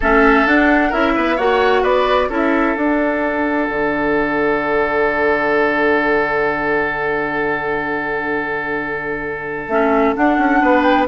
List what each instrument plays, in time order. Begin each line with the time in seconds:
0.00 bassoon A3, clarinet C#4, oboe A4, flute E5
0.46 bassoon D4, clarinet D4, flute F#5
0.89 bassoon C#4, clarinet E4, oboe A#4, flute E5
1.14 bassoon B3, oboe B4
1.36 bassoon A#3, clarinet F#4, oboe C#5, flute F#5
1.82 bassoon B3, oboe B4, flute D5
2.29 bassoon C#4, clarinet E4, oboe A4
2.35 flute E5
2.76 bassoon D4, clarinet D4, flute F#5
3.69 bassoon D3
9.68 bassoon A3, clarinet C#4, flute E5
10.15 clarinet D4, bassoon D4, flute F#5
10.37 bassoon C#4
10.61 bassoon B3, oboe B4
10.82 flute G5